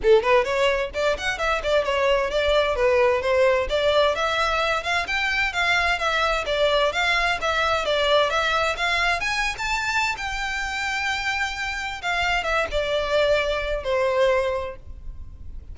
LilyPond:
\new Staff \with { instrumentName = "violin" } { \time 4/4 \tempo 4 = 130 a'8 b'8 cis''4 d''8 fis''8 e''8 d''8 | cis''4 d''4 b'4 c''4 | d''4 e''4. f''8 g''4 | f''4 e''4 d''4 f''4 |
e''4 d''4 e''4 f''4 | gis''8. a''4~ a''16 g''2~ | g''2 f''4 e''8 d''8~ | d''2 c''2 | }